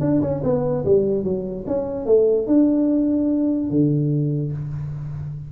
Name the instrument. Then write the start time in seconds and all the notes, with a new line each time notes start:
tuba
0.00 D4
0.21 C#4
0.43 B3
0.85 G3
1.23 F#3
1.66 C#4
2.05 A3
2.47 D4
3.70 D3